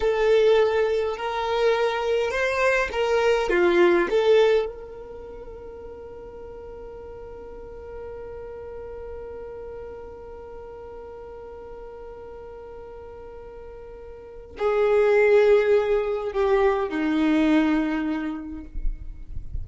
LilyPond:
\new Staff \with { instrumentName = "violin" } { \time 4/4 \tempo 4 = 103 a'2 ais'2 | c''4 ais'4 f'4 a'4 | ais'1~ | ais'1~ |
ais'1~ | ais'1~ | ais'4 gis'2. | g'4 dis'2. | }